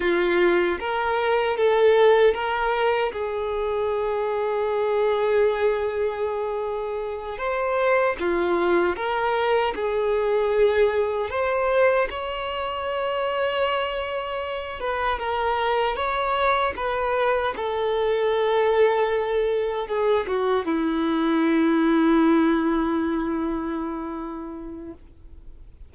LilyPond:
\new Staff \with { instrumentName = "violin" } { \time 4/4 \tempo 4 = 77 f'4 ais'4 a'4 ais'4 | gis'1~ | gis'4. c''4 f'4 ais'8~ | ais'8 gis'2 c''4 cis''8~ |
cis''2. b'8 ais'8~ | ais'8 cis''4 b'4 a'4.~ | a'4. gis'8 fis'8 e'4.~ | e'1 | }